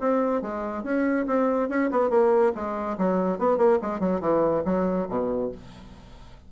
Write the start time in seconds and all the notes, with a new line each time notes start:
0.00 C4
0.42 G#3
0.83 C#4
1.26 C4
1.69 C#4
1.91 B3
2.10 A#3
2.55 G#3
2.98 F#3
3.38 B3
3.57 A#3
3.82 G#3
4.00 F#3
4.21 E3
4.65 F#3
5.09 B2